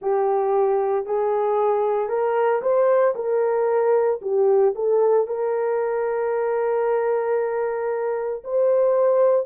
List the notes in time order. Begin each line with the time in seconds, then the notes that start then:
0.01 G4
1.05 G#4
2.09 A#4
2.61 C5
3.15 A#4
4.21 G4
4.75 A4
5.27 A#4
8.44 C5